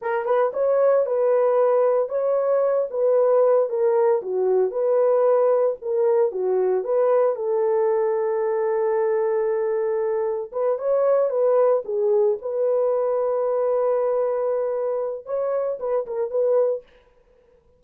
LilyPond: \new Staff \with { instrumentName = "horn" } { \time 4/4 \tempo 4 = 114 ais'8 b'8 cis''4 b'2 | cis''4. b'4. ais'4 | fis'4 b'2 ais'4 | fis'4 b'4 a'2~ |
a'1 | b'8 cis''4 b'4 gis'4 b'8~ | b'1~ | b'4 cis''4 b'8 ais'8 b'4 | }